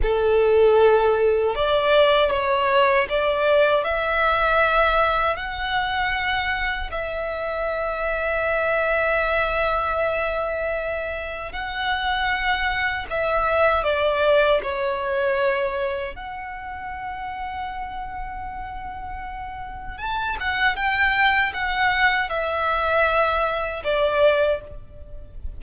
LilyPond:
\new Staff \with { instrumentName = "violin" } { \time 4/4 \tempo 4 = 78 a'2 d''4 cis''4 | d''4 e''2 fis''4~ | fis''4 e''2.~ | e''2. fis''4~ |
fis''4 e''4 d''4 cis''4~ | cis''4 fis''2.~ | fis''2 a''8 fis''8 g''4 | fis''4 e''2 d''4 | }